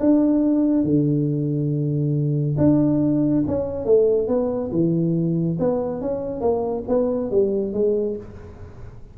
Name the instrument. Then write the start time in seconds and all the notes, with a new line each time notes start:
tuba
0.00 D4
0.84 D3
2.58 D4
3.47 C#4
3.85 A3
4.28 B3
4.71 E3
5.59 B3
6.01 C#4
6.41 A#3
6.88 B3
7.31 G3
7.73 G#3